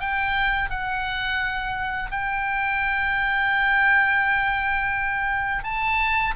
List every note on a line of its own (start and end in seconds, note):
0.00 0.70 G5
0.70 2.10 F#5
2.10 5.63 G5
5.63 6.34 A5